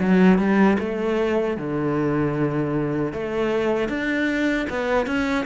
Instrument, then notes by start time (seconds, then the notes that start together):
cello
0.00 F#3
0.38 G3
0.79 A3
1.57 D3
3.13 A3
3.89 D4
4.70 B3
5.06 C#4